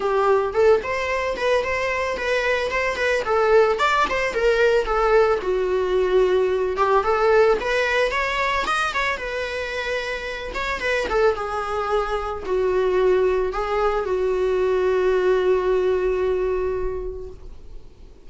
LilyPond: \new Staff \with { instrumentName = "viola" } { \time 4/4 \tempo 4 = 111 g'4 a'8 c''4 b'8 c''4 | b'4 c''8 b'8 a'4 d''8 c''8 | ais'4 a'4 fis'2~ | fis'8 g'8 a'4 b'4 cis''4 |
dis''8 cis''8 b'2~ b'8 cis''8 | b'8 a'8 gis'2 fis'4~ | fis'4 gis'4 fis'2~ | fis'1 | }